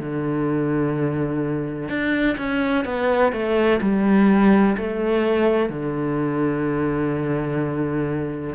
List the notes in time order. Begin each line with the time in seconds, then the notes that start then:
0.00 D3
1.89 D4
2.38 C#4
2.85 B3
3.33 A3
3.82 G3
4.77 A3
5.70 D3